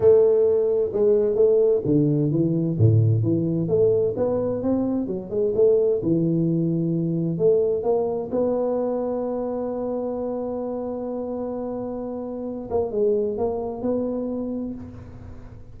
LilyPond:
\new Staff \with { instrumentName = "tuba" } { \time 4/4 \tempo 4 = 130 a2 gis4 a4 | d4 e4 a,4 e4 | a4 b4 c'4 fis8 gis8 | a4 e2. |
a4 ais4 b2~ | b1~ | b2.~ b8 ais8 | gis4 ais4 b2 | }